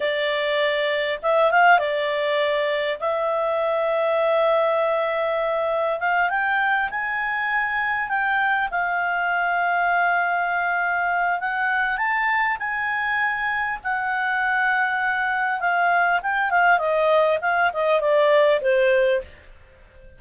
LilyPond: \new Staff \with { instrumentName = "clarinet" } { \time 4/4 \tempo 4 = 100 d''2 e''8 f''8 d''4~ | d''4 e''2.~ | e''2 f''8 g''4 gis''8~ | gis''4. g''4 f''4.~ |
f''2. fis''4 | a''4 gis''2 fis''4~ | fis''2 f''4 g''8 f''8 | dis''4 f''8 dis''8 d''4 c''4 | }